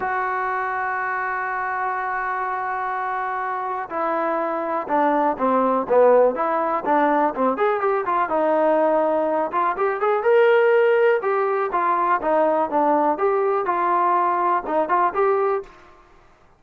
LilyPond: \new Staff \with { instrumentName = "trombone" } { \time 4/4 \tempo 4 = 123 fis'1~ | fis'1 | e'2 d'4 c'4 | b4 e'4 d'4 c'8 gis'8 |
g'8 f'8 dis'2~ dis'8 f'8 | g'8 gis'8 ais'2 g'4 | f'4 dis'4 d'4 g'4 | f'2 dis'8 f'8 g'4 | }